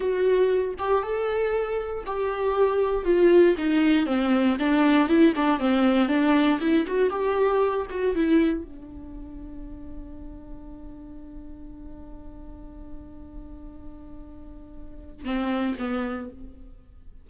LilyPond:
\new Staff \with { instrumentName = "viola" } { \time 4/4 \tempo 4 = 118 fis'4. g'8 a'2 | g'2 f'4 dis'4 | c'4 d'4 e'8 d'8 c'4 | d'4 e'8 fis'8 g'4. fis'8 |
e'4 d'2.~ | d'1~ | d'1~ | d'2 c'4 b4 | }